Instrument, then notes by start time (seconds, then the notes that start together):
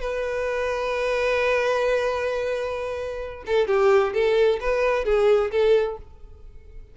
violin
0.00 B4
3.46 A4
3.67 G4
4.13 A4
4.60 B4
5.04 G#4
5.51 A4